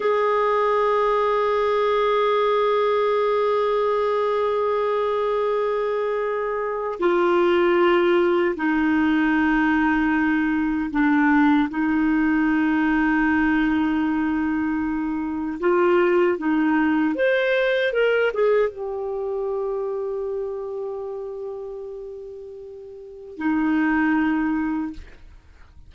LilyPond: \new Staff \with { instrumentName = "clarinet" } { \time 4/4 \tempo 4 = 77 gis'1~ | gis'1~ | gis'4 f'2 dis'4~ | dis'2 d'4 dis'4~ |
dis'1 | f'4 dis'4 c''4 ais'8 gis'8 | g'1~ | g'2 dis'2 | }